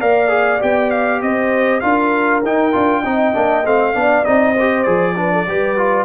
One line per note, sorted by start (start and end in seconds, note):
0.00 0.62 A#3
0.00 0.29 A#4
0.00 1.22 D5
0.00 0.61 F5
0.29 0.59 G#4
0.60 1.22 B3
0.60 1.81 G4
0.60 0.90 G5
0.90 1.21 F5
1.22 1.83 C4
1.22 1.83 C5
1.22 1.80 D#5
1.80 2.43 D4
1.80 2.42 F4
1.80 3.02 A#4
1.80 2.41 F5
2.43 2.74 D#4
2.43 2.73 D#4
2.43 3.66 G5
2.73 3.05 D4
2.73 3.03 F4
3.02 3.35 C4
3.02 3.34 D#4
3.02 3.93 D#5
3.34 3.66 A#3
3.34 3.64 D4
3.66 3.95 A3
3.66 3.95 C4
3.66 4.25 F5
3.94 4.26 B3
3.94 4.25 D4
3.94 4.54 D5
4.25 4.87 C4
4.25 4.56 D#4
4.25 4.83 D#5
4.54 5.14 C5
4.60 4.86 G4
4.83 5.47 F3
4.83 5.16 G#4
4.83 6.05 D5
5.16 5.46 D4
5.16 5.33 B4
5.33 5.48 A4
5.48 6.05 G3
5.48 5.78 G4
5.48 6.05 B4
5.78 6.05 F4